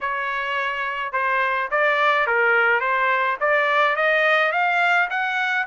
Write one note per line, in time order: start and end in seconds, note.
0.01 1.12 C#5
1.12 1.69 C5
1.71 2.26 D5
2.26 2.80 A#4
2.80 3.37 C5
3.40 3.96 D5
3.96 4.52 D#5
4.52 5.08 F5
5.09 5.66 F#5